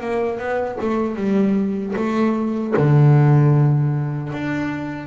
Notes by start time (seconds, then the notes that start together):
0.00 A#3
0.39 B3
0.80 A3
1.16 G3
1.96 A3
2.77 D3
4.32 D4